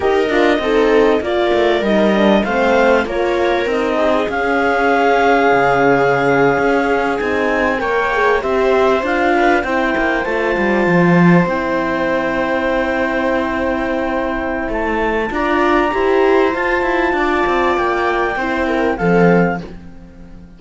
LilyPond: <<
  \new Staff \with { instrumentName = "clarinet" } { \time 4/4 \tempo 4 = 98 dis''2 d''4 dis''4 | f''4 cis''4 dis''4 f''4~ | f''2.~ f''8. gis''16~ | gis''8. g''4 e''4 f''4 g''16~ |
g''8. a''2 g''4~ g''16~ | g''1 | a''4 ais''2 a''4~ | a''4 g''2 f''4 | }
  \new Staff \with { instrumentName = "viola" } { \time 4/4 ais'4 a'4 ais'2 | c''4 ais'4. gis'4.~ | gis'1~ | gis'8. cis''4 c''4. b'8 c''16~ |
c''1~ | c''1~ | c''4 d''4 c''2 | d''2 c''8 ais'8 a'4 | }
  \new Staff \with { instrumentName = "horn" } { \time 4/4 g'8 f'8 dis'4 f'4 dis'8 d'8 | c'4 f'4 dis'4 cis'4~ | cis'2.~ cis'8. dis'16~ | dis'8. ais'8 gis'8 g'4 f'4 e'16~ |
e'8. f'2 e'4~ e'16~ | e'1~ | e'4 f'4 g'4 f'4~ | f'2 e'4 c'4 | }
  \new Staff \with { instrumentName = "cello" } { \time 4/4 dis'8 d'8 c'4 ais8 a8 g4 | a4 ais4 c'4 cis'4~ | cis'4 cis4.~ cis16 cis'4 c'16~ | c'8. ais4 c'4 d'4 c'16~ |
c'16 ais8 a8 g8 f4 c'4~ c'16~ | c'1 | a4 d'4 e'4 f'8 e'8 | d'8 c'8 ais4 c'4 f4 | }
>>